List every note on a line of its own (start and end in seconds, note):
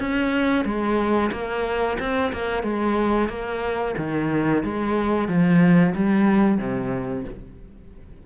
0.00 0.65 C#4
0.65 1.31 G#3
1.32 1.98 A#3
1.99 2.32 C4
2.33 2.63 A#3
2.63 3.29 G#3
3.29 3.95 A#3
3.97 4.63 D#3
4.63 5.28 G#3
5.28 5.94 F3
5.95 6.58 G3
6.58 7.24 C3